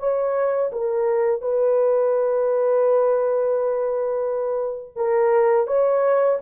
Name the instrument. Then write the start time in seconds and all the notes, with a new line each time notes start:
horn
0.00 C#5
0.73 A#4
1.42 B4
4.96 A#4
5.68 C#5